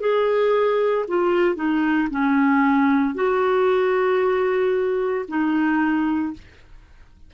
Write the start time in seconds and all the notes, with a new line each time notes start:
0.00 G#4
1.08 F4
1.55 D#4
2.10 C#4
3.14 F#4
5.28 D#4